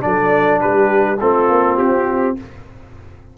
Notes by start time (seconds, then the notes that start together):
0.00 F#3 D4 A4 D5
0.60 G3 G4 B4
1.20 A3 C4 F4 A4
1.49 A#3
1.77 C4 G4